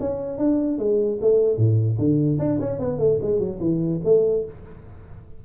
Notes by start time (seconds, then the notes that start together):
0.00 C#4
0.38 D4
0.79 G#3
1.21 A3
1.57 A2
1.98 D3
2.39 D4
2.60 C#4
2.79 B3
2.99 A3
3.22 G#3
3.39 F#3
3.60 E3
4.05 A3